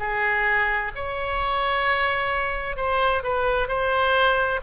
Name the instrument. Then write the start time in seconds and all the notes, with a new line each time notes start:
oboe
0.00 G#4
0.96 C#5
2.77 C5
3.23 B4
3.68 C5